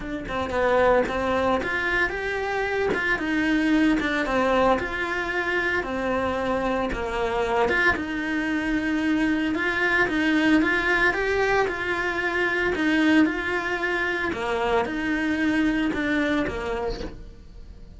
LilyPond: \new Staff \with { instrumentName = "cello" } { \time 4/4 \tempo 4 = 113 d'8 c'8 b4 c'4 f'4 | g'4. f'8 dis'4. d'8 | c'4 f'2 c'4~ | c'4 ais4. f'8 dis'4~ |
dis'2 f'4 dis'4 | f'4 g'4 f'2 | dis'4 f'2 ais4 | dis'2 d'4 ais4 | }